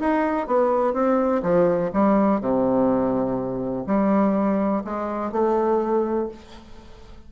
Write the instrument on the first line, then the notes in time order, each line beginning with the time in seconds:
bassoon
0.00 D#4
0.47 B3
0.94 C4
1.43 F3
1.93 G3
2.41 C3
3.87 G3
4.84 G#3
5.32 A3